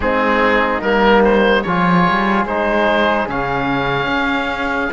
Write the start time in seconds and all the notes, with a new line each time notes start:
0.00 G#3 C4 D#4 G#4
0.81 G3 A#3 A#4
1.24 C5
1.62 F3 F4 G#4 C#5
2.09 G3
2.44 G#3 D#4 C5
3.27 C#3 C#4 F5
4.07 C#4